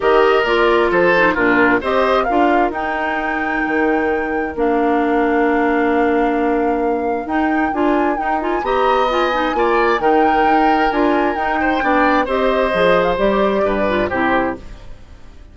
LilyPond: <<
  \new Staff \with { instrumentName = "flute" } { \time 4/4 \tempo 4 = 132 dis''4 d''4 c''4 ais'4 | dis''4 f''4 g''2~ | g''2 f''2~ | f''1 |
g''4 gis''4 g''8 gis''8 ais''4 | gis''2 g''2 | gis''4 g''2 dis''4~ | dis''8. f''16 d''2 c''4 | }
  \new Staff \with { instrumentName = "oboe" } { \time 4/4 ais'2 a'4 f'4 | c''4 ais'2.~ | ais'1~ | ais'1~ |
ais'2. dis''4~ | dis''4 d''4 ais'2~ | ais'4. c''8 d''4 c''4~ | c''2 b'4 g'4 | }
  \new Staff \with { instrumentName = "clarinet" } { \time 4/4 g'4 f'4. dis'8 d'4 | g'4 f'4 dis'2~ | dis'2 d'2~ | d'1 |
dis'4 f'4 dis'8 f'8 g'4 | f'8 dis'8 f'4 dis'2 | f'4 dis'4 d'4 g'4 | gis'4 g'4. f'8 e'4 | }
  \new Staff \with { instrumentName = "bassoon" } { \time 4/4 dis4 ais4 f4 ais,4 | c'4 d'4 dis'2 | dis2 ais2~ | ais1 |
dis'4 d'4 dis'4 b4~ | b4 ais4 dis4 dis'4 | d'4 dis'4 b4 c'4 | f4 g4 g,4 c4 | }
>>